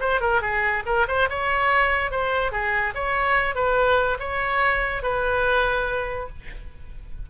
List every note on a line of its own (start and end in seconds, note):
0.00 0.20 C5
0.20 0.41 A#4
0.41 0.83 G#4
0.86 1.07 A#4
1.08 1.29 C5
1.29 2.11 C#5
2.11 2.52 C5
2.52 2.94 G#4
2.94 3.55 C#5
3.55 4.18 B4
4.19 5.03 C#5
5.03 6.29 B4